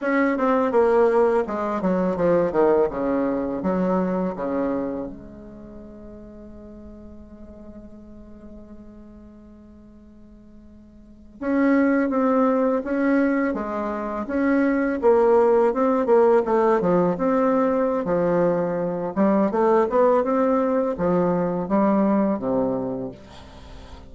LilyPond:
\new Staff \with { instrumentName = "bassoon" } { \time 4/4 \tempo 4 = 83 cis'8 c'8 ais4 gis8 fis8 f8 dis8 | cis4 fis4 cis4 gis4~ | gis1~ | gis2.~ gis8. cis'16~ |
cis'8. c'4 cis'4 gis4 cis'16~ | cis'8. ais4 c'8 ais8 a8 f8 c'16~ | c'4 f4. g8 a8 b8 | c'4 f4 g4 c4 | }